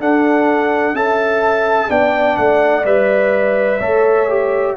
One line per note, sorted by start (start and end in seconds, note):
0.00 0.94 D4
0.00 0.95 D4
0.00 0.95 A4
0.00 0.96 F#5
0.94 1.89 C#4
0.94 1.89 A4
0.94 1.90 E5
0.94 1.91 A5
1.89 2.38 B3
1.89 2.84 D4
1.89 3.80 D5
1.89 2.37 G5
2.37 2.85 A3
2.37 2.85 F#5
2.85 3.80 G3
2.85 3.80 B4
2.85 4.76 E5
3.80 4.76 A3
3.80 4.29 A4
3.80 4.75 C#5
4.29 4.77 G4